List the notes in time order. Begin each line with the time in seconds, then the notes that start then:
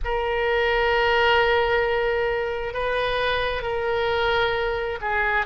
0.04 A#4
2.73 B4
3.62 A#4
5.01 G#4